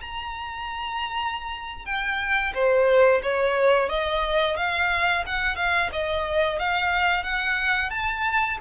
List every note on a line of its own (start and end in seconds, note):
0.00 1.85 A#5
1.85 2.53 G5
2.54 3.21 C5
3.22 3.89 C#5
3.89 4.56 D#5
4.56 5.24 F5
5.26 5.56 F#5
5.56 5.89 F5
5.92 6.59 D#5
6.59 7.23 F5
7.23 7.90 F#5
7.90 8.57 A5